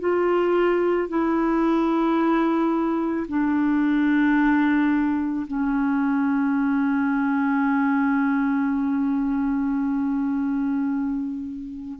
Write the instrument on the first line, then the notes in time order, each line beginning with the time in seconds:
clarinet
0.00 F4
1.09 E4
3.29 D4
5.47 C#4